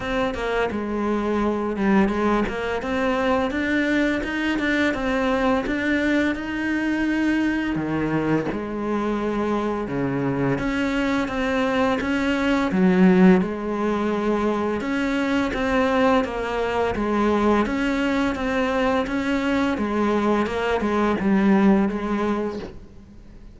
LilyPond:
\new Staff \with { instrumentName = "cello" } { \time 4/4 \tempo 4 = 85 c'8 ais8 gis4. g8 gis8 ais8 | c'4 d'4 dis'8 d'8 c'4 | d'4 dis'2 dis4 | gis2 cis4 cis'4 |
c'4 cis'4 fis4 gis4~ | gis4 cis'4 c'4 ais4 | gis4 cis'4 c'4 cis'4 | gis4 ais8 gis8 g4 gis4 | }